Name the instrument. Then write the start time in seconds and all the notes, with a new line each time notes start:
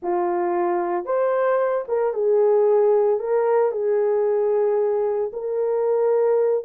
horn
0.02 F4
1.05 C5
1.88 A#4
2.13 G#4
3.19 A#4
3.71 G#4
5.32 A#4